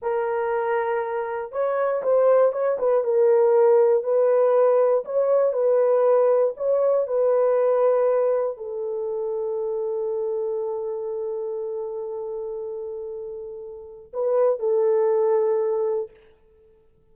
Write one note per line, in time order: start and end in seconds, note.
0.02 1.51 A#4
1.51 2.02 C#5
2.02 2.52 C5
2.52 2.77 C#5
2.79 3.04 B4
3.04 4.03 A#4
4.03 5.04 B4
5.04 5.53 C#5
5.53 6.53 B4
6.57 7.07 C#5
7.07 8.57 B4
8.57 14.12 A4
14.13 14.59 B4
14.59 16.10 A4